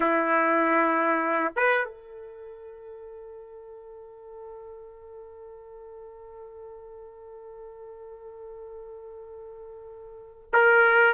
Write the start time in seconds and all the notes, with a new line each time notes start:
0.00 E4
1.56 B4
1.84 A4
10.52 A#4